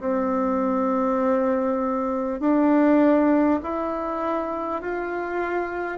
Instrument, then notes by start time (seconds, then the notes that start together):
bassoon
0.00 C4
2.40 D4
3.63 E4
4.82 F4